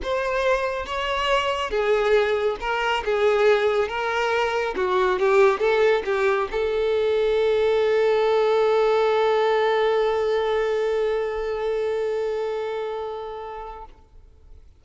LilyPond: \new Staff \with { instrumentName = "violin" } { \time 4/4 \tempo 4 = 139 c''2 cis''2 | gis'2 ais'4 gis'4~ | gis'4 ais'2 fis'4 | g'4 a'4 g'4 a'4~ |
a'1~ | a'1~ | a'1~ | a'1 | }